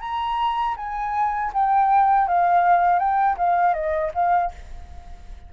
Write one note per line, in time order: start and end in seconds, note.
0.00 0.75 A#5
0.76 1.51 G#5
1.53 2.27 G5
2.27 2.99 F5
2.99 3.36 G5
3.37 3.73 F5
3.73 4.11 D#5
4.14 4.51 F5